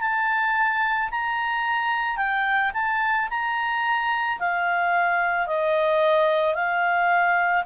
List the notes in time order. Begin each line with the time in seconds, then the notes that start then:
0.00 A5
1.10 A#5
2.16 G5
2.73 A5
3.29 A#5
4.39 F5
5.46 D#5
6.54 F5